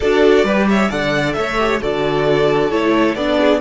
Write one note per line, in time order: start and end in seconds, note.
0.00 0.43 D4
0.00 0.46 F#4
0.00 0.45 A4
0.00 0.68 D5
0.43 0.88 G3
0.43 0.90 G4
0.43 0.67 B4
0.69 0.89 C#5
0.69 0.91 E5
0.89 1.36 D3
0.89 1.58 A4
0.89 1.34 D5
0.89 1.33 F#5
1.33 1.81 A3
1.33 1.81 C#5
1.33 1.78 E5
1.59 1.80 G4
1.80 2.72 D3
1.80 2.70 F#4
1.80 3.39 A4
1.80 2.70 D5
2.70 3.15 A3
2.70 3.16 E4
2.70 3.15 C#5
3.15 3.60 B3
3.15 3.61 D4
3.15 3.60 D5
3.39 3.61 G#4